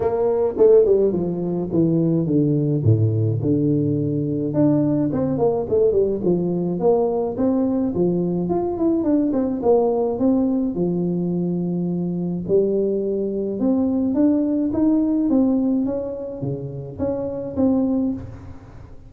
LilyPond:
\new Staff \with { instrumentName = "tuba" } { \time 4/4 \tempo 4 = 106 ais4 a8 g8 f4 e4 | d4 a,4 d2 | d'4 c'8 ais8 a8 g8 f4 | ais4 c'4 f4 f'8 e'8 |
d'8 c'8 ais4 c'4 f4~ | f2 g2 | c'4 d'4 dis'4 c'4 | cis'4 cis4 cis'4 c'4 | }